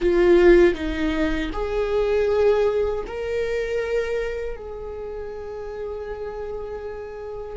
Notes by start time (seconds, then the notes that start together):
0.01 F4
0.74 D#4
1.52 G#4
3.06 A#4
4.56 G#4